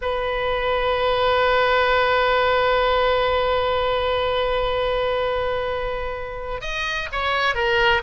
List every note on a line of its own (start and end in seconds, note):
0.01 6.61 B4
6.61 7.08 D#5
7.12 7.54 C#5
7.54 8.02 A#4